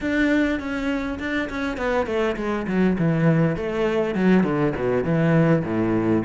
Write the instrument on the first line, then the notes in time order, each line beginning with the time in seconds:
cello
0.00 D4
0.59 C#4
1.19 D4
1.49 C#4
1.77 B3
2.06 A3
2.36 G#3
2.67 F#3
2.98 E3
3.56 A3
4.14 F#3
4.43 D3
4.75 B2
5.03 E3
5.64 A2